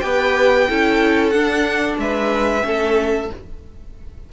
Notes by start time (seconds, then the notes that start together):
0.00 B3 G4 B4 G5
0.68 C#4 E4 A4
1.30 D4 F#5
1.97 G#3 B4 E5
2.62 A3 C#4 A4